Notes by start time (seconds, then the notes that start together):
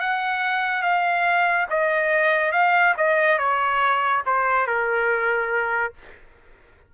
0.00 F#5
0.83 F5
1.70 D#5
2.52 F5
2.97 D#5
3.38 C#5
4.26 C5
4.67 A#4